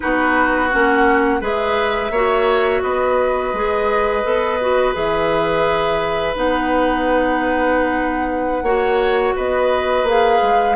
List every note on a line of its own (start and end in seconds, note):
0.00 0.74 B3
0.00 0.69 D#4
0.00 1.41 F#4
0.00 0.70 B4
0.71 1.41 A#3
0.71 1.40 C#4
0.71 1.41 F#5
1.40 2.10 G#3
1.40 2.11 G#4
1.40 2.11 B4
1.40 2.82 E5
2.10 2.81 A#3
2.10 3.55 F#4
2.10 2.82 C#5
2.82 3.53 B3
2.82 8.64 B4
2.82 4.94 D#5
3.53 4.24 G#3
3.53 4.23 G#4
4.23 4.95 B3
4.23 4.59 A4
4.60 4.93 F#4
4.93 6.36 E3
4.93 6.34 G#4
4.93 6.36 E5
6.35 8.62 B3
6.35 8.64 D#4
6.35 9.37 F#5
8.62 9.33 A#3
8.62 10.06 F#4
8.62 9.34 C#5
9.35 10.03 B3
9.35 10.75 B4
9.35 10.07 D#5
10.03 10.38 A#3
10.03 10.75 G#4
10.03 10.75 F5
10.41 10.75 G#3